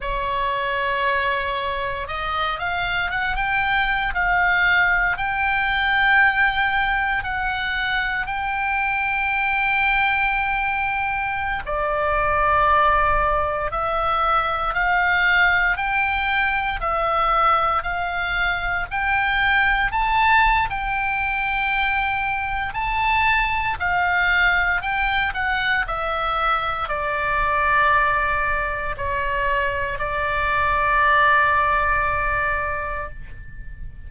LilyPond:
\new Staff \with { instrumentName = "oboe" } { \time 4/4 \tempo 4 = 58 cis''2 dis''8 f''8 fis''16 g''8. | f''4 g''2 fis''4 | g''2.~ g''16 d''8.~ | d''4~ d''16 e''4 f''4 g''8.~ |
g''16 e''4 f''4 g''4 a''8. | g''2 a''4 f''4 | g''8 fis''8 e''4 d''2 | cis''4 d''2. | }